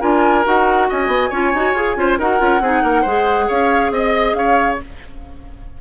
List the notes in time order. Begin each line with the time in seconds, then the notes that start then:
0.00 D4 F4 A#4 G#5
0.43 D#4 F#4 F#5
0.89 C#4 D#5 G#5
1.07 B3
1.29 C#4 F4 C#5
1.54 D#4 F#4
1.73 F4 G#4
1.96 C#4 F4 C5
2.18 D#4 F#4 A#4 F#5
2.38 C#4 F4
2.60 C4 D#4 G#4
2.82 A#3 A#4
3.01 G#3 G#4 C5
3.47 C#4 C#5 F5
3.90 C4 D#5
4.34 C#4 C#5 F5